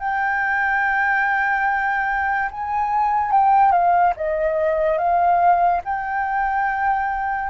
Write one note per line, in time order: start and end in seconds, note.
0.00 2.50 G5
2.51 3.31 G#5
3.31 3.72 G5
3.72 4.13 F5
4.16 4.98 D#5
4.98 5.81 F5
5.84 7.50 G5